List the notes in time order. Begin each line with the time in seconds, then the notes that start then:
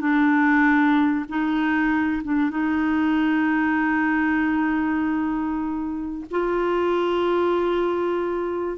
0.00 D4
1.28 D#4
2.23 D4
2.50 D#4
6.30 F4